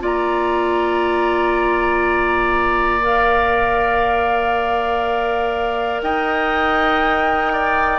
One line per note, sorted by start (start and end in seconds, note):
0.00 6.01 A#3
0.00 3.00 F4
0.00 6.02 D5
0.00 3.03 A#5
3.01 7.99 A#4
3.01 6.02 F5
6.02 7.99 D#4
6.02 7.53 D#5
6.02 7.99 G5
7.53 7.99 D5